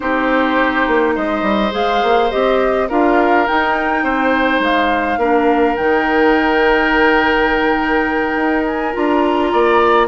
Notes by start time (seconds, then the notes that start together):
0.00 C4 D#4 G4 C5
0.87 A#3
1.15 G#3 C5 D#5
1.42 G3
1.71 G#3 G#4 F5
2.02 A#3
2.30 C4 G4 D#5
2.88 D4 F4 A#4 F5
3.47 D#4 G5
4.03 C4 C5
4.59 G#3 F5
5.17 A#3 D4 A#4
5.76 D#3 D#4 G5
8.35 D#4
8.65 G#5
8.93 D4 F4 A#5
9.52 A#3 D5